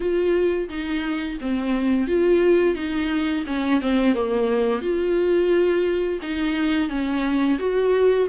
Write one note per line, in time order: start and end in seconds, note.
0.00 0.69 F4
0.69 1.38 D#4
1.40 2.07 C4
2.07 2.75 F4
2.75 3.44 D#4
3.46 3.81 C#4
3.81 4.14 C4
4.14 4.81 A#3
4.81 6.19 F4
6.22 6.89 D#4
6.89 7.58 C#4
7.58 8.27 F#4